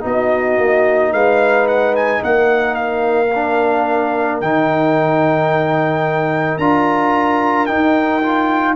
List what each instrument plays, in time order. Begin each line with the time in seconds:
0.00 tuba B3, trombone D#4, horn F#4, trumpet D#5
0.58 tuba A#3
1.12 tuba G#3, horn B4, trumpet F5
1.68 trumpet F#5
1.96 trumpet G#5
2.22 tuba A#3, horn A#4, trumpet F#5
2.74 trumpet F5
3.34 trombone D4
4.41 tuba D#3, trombone D#4, trumpet G5
6.58 tuba D4, trombone F4, trumpet A#5
7.66 trombone D#4, tuba D#4, trumpet G5
8.22 trombone F4